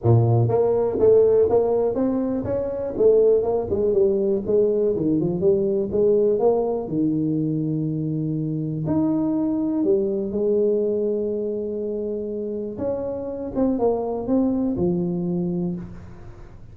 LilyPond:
\new Staff \with { instrumentName = "tuba" } { \time 4/4 \tempo 4 = 122 ais,4 ais4 a4 ais4 | c'4 cis'4 a4 ais8 gis8 | g4 gis4 dis8 f8 g4 | gis4 ais4 dis2~ |
dis2 dis'2 | g4 gis2.~ | gis2 cis'4. c'8 | ais4 c'4 f2 | }